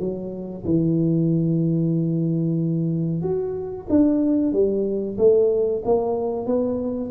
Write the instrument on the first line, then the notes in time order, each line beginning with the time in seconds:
tuba
0.00 F#3
0.65 E3
3.23 F#4
3.90 D4
4.53 G3
5.18 A3
5.85 A#3
6.47 B3